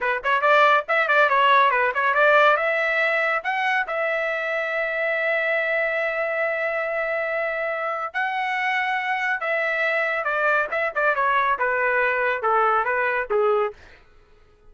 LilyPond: \new Staff \with { instrumentName = "trumpet" } { \time 4/4 \tempo 4 = 140 b'8 cis''8 d''4 e''8 d''8 cis''4 | b'8 cis''8 d''4 e''2 | fis''4 e''2.~ | e''1~ |
e''2. fis''4~ | fis''2 e''2 | d''4 e''8 d''8 cis''4 b'4~ | b'4 a'4 b'4 gis'4 | }